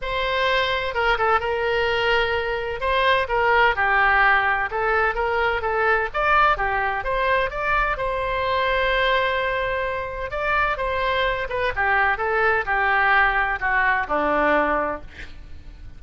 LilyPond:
\new Staff \with { instrumentName = "oboe" } { \time 4/4 \tempo 4 = 128 c''2 ais'8 a'8 ais'4~ | ais'2 c''4 ais'4 | g'2 a'4 ais'4 | a'4 d''4 g'4 c''4 |
d''4 c''2.~ | c''2 d''4 c''4~ | c''8 b'8 g'4 a'4 g'4~ | g'4 fis'4 d'2 | }